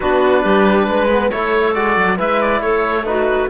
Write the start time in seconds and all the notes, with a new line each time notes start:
0.00 B3 D4 F#4 B4
0.42 G3 G4
0.87 G#3 B4
1.10 B3
1.30 A3 E4 A4 C#5
1.74 G#3 F#4 D5
1.96 F#3
2.17 G#3 E4 B4 E5
2.41 D5
2.61 A3 A4 C#5
3.05 D#4 F#4 B4